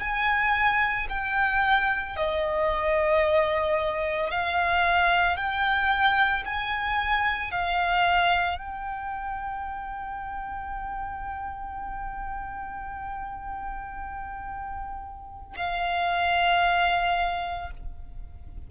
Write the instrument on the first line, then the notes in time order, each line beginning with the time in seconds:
violin
0.00 G#5
1.09 G5
2.16 D#5
4.30 F5
5.36 G5
6.45 G#5
7.51 F5
8.58 G5
15.56 F5